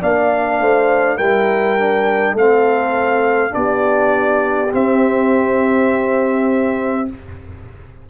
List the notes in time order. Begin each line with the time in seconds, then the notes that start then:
0.00 A#3 D4 D5 F5
0.60 A3 C5
1.17 G3 E4 A#4 G5
1.79 D4
2.34 A3 C4 A4 F5
3.50 B3 D4 D5
3.57 G4
4.71 C4 E5